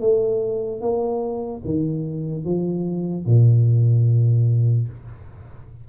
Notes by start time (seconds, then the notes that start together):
0.00 A3
0.80 A#3
1.64 D#3
2.44 F3
3.25 A#2